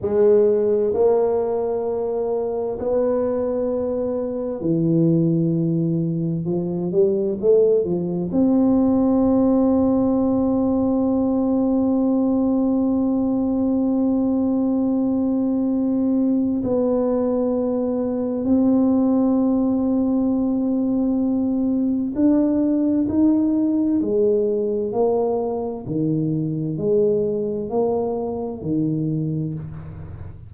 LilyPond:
\new Staff \with { instrumentName = "tuba" } { \time 4/4 \tempo 4 = 65 gis4 ais2 b4~ | b4 e2 f8 g8 | a8 f8 c'2.~ | c'1~ |
c'2 b2 | c'1 | d'4 dis'4 gis4 ais4 | dis4 gis4 ais4 dis4 | }